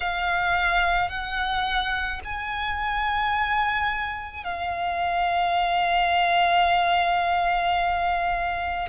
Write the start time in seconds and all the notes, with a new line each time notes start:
0.00 F5
1.09 F#5
2.24 G#5
4.44 F5